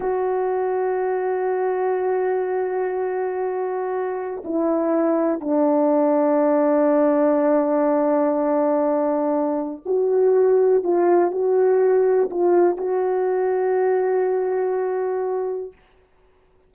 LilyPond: \new Staff \with { instrumentName = "horn" } { \time 4/4 \tempo 4 = 122 fis'1~ | fis'1~ | fis'4 e'2 d'4~ | d'1~ |
d'1 | fis'2 f'4 fis'4~ | fis'4 f'4 fis'2~ | fis'1 | }